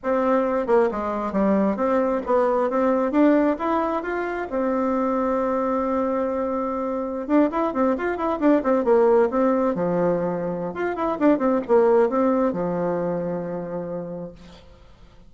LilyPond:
\new Staff \with { instrumentName = "bassoon" } { \time 4/4 \tempo 4 = 134 c'4. ais8 gis4 g4 | c'4 b4 c'4 d'4 | e'4 f'4 c'2~ | c'1~ |
c'16 d'8 e'8 c'8 f'8 e'8 d'8 c'8 ais16~ | ais8. c'4 f2~ f16 | f'8 e'8 d'8 c'8 ais4 c'4 | f1 | }